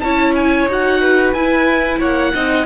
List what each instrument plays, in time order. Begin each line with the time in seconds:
0.00 cello C#4, viola E4, violin C#5, oboe A5
0.35 oboe G#5
0.67 cello D#4, viola F#4, oboe F#5
1.01 violin B4
1.33 cello E4, viola E4, oboe G#5
1.99 cello A#3, violin C#5, oboe F#5
2.34 cello C4, viola D#4, violin D#5